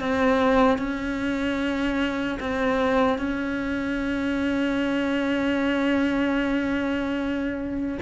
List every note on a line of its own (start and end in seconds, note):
0.00 0.79 C4
0.79 2.39 C#4
2.40 3.18 C4
3.18 7.98 C#4